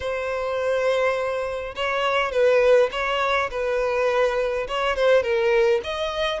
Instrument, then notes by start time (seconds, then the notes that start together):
violin
0.00 C5
1.75 C#5
2.31 B4
2.91 C#5
3.51 B4
4.68 C#5
4.96 C5
5.22 A#4
5.83 D#5